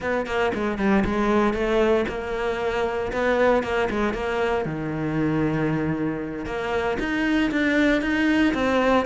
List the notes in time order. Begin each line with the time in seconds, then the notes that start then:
0.00 B3
0.26 A#3
0.54 G#3
0.78 G3
1.04 G#3
1.53 A3
2.08 A#3
3.12 B3
3.63 A#3
3.89 G#3
4.13 A#3
4.65 D#3
6.45 A#3
6.99 D#4
7.51 D4
8.01 D#4
8.54 C4